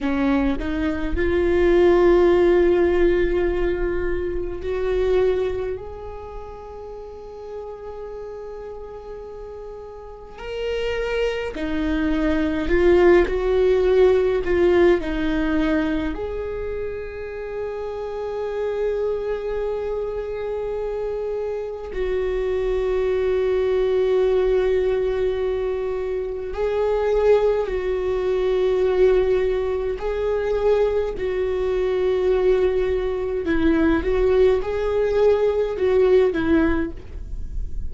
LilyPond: \new Staff \with { instrumentName = "viola" } { \time 4/4 \tempo 4 = 52 cis'8 dis'8 f'2. | fis'4 gis'2.~ | gis'4 ais'4 dis'4 f'8 fis'8~ | fis'8 f'8 dis'4 gis'2~ |
gis'2. fis'4~ | fis'2. gis'4 | fis'2 gis'4 fis'4~ | fis'4 e'8 fis'8 gis'4 fis'8 e'8 | }